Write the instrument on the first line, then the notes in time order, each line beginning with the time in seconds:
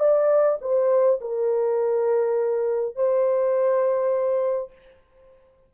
horn
0.00 D5
0.62 C5
1.21 A#4
2.96 C5